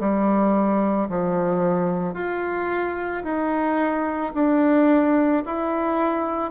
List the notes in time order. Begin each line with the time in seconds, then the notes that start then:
0.00 G3
1.10 F3
2.14 F4
3.24 D#4
4.35 D4
5.46 E4